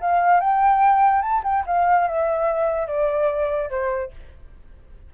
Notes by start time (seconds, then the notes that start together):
0.00 F5
0.40 G5
1.22 A5
1.44 G5
1.66 F5
2.07 E5
2.87 D5
3.70 C5